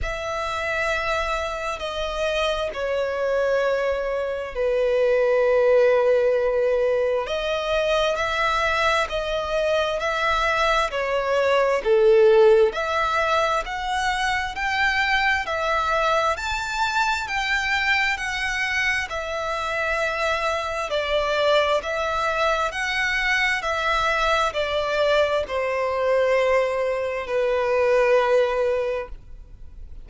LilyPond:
\new Staff \with { instrumentName = "violin" } { \time 4/4 \tempo 4 = 66 e''2 dis''4 cis''4~ | cis''4 b'2. | dis''4 e''4 dis''4 e''4 | cis''4 a'4 e''4 fis''4 |
g''4 e''4 a''4 g''4 | fis''4 e''2 d''4 | e''4 fis''4 e''4 d''4 | c''2 b'2 | }